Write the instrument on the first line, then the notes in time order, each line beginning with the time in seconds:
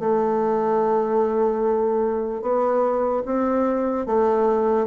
bassoon
0.00 A3
2.42 B3
3.25 C4
4.07 A3